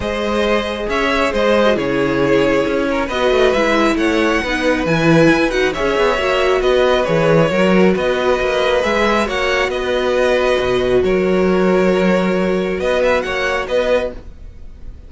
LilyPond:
<<
  \new Staff \with { instrumentName = "violin" } { \time 4/4 \tempo 4 = 136 dis''2 e''4 dis''4 | cis''2. dis''4 | e''4 fis''2 gis''4~ | gis''8 fis''8 e''2 dis''4 |
cis''2 dis''2 | e''4 fis''4 dis''2~ | dis''4 cis''2.~ | cis''4 dis''8 e''8 fis''4 dis''4 | }
  \new Staff \with { instrumentName = "violin" } { \time 4/4 c''2 cis''4 c''4 | gis'2~ gis'8 ais'8 b'4~ | b'4 cis''4 b'2~ | b'4 cis''2 b'4~ |
b'4 ais'4 b'2~ | b'4 cis''4 b'2~ | b'4 ais'2.~ | ais'4 b'4 cis''4 b'4 | }
  \new Staff \with { instrumentName = "viola" } { \time 4/4 gis'2.~ gis'8. fis'16 | e'2. fis'4 | e'2 dis'4 e'4~ | e'8 fis'8 gis'4 fis'2 |
gis'4 fis'2. | gis'4 fis'2.~ | fis'1~ | fis'1 | }
  \new Staff \with { instrumentName = "cello" } { \time 4/4 gis2 cis'4 gis4 | cis2 cis'4 b8 a8 | gis4 a4 b4 e4 | e'8 dis'8 cis'8 b8 ais4 b4 |
e4 fis4 b4 ais4 | gis4 ais4 b2 | b,4 fis2.~ | fis4 b4 ais4 b4 | }
>>